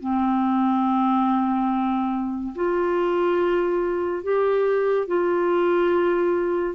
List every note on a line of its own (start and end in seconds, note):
0.00 2.54 C4
2.55 4.23 F4
4.23 5.07 G4
5.07 6.75 F4